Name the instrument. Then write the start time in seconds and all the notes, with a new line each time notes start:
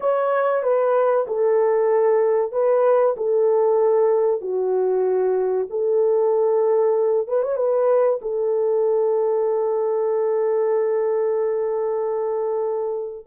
horn
0.00 C#5
0.63 B4
1.27 A4
2.51 B4
3.16 A4
4.41 F#4
5.70 A4
7.27 B4
7.42 C#5
7.56 B4
8.21 A4